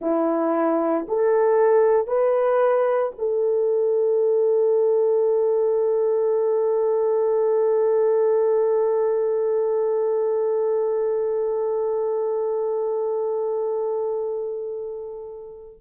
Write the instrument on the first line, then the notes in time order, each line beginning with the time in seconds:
horn
0.01 E4
1.08 A4
2.07 B4
3.18 A4